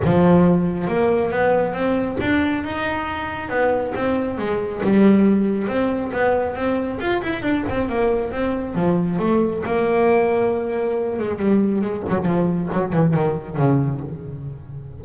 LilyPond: \new Staff \with { instrumentName = "double bass" } { \time 4/4 \tempo 4 = 137 f2 ais4 b4 | c'4 d'4 dis'2 | b4 c'4 gis4 g4~ | g4 c'4 b4 c'4 |
f'8 e'8 d'8 c'8 ais4 c'4 | f4 a4 ais2~ | ais4. gis8 g4 gis8 fis8 | f4 fis8 e8 dis4 cis4 | }